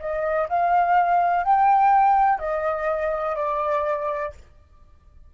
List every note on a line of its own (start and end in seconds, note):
0.00 0.48 D#5
0.49 1.44 F5
1.44 2.39 G5
2.39 3.36 D#5
3.36 4.32 D5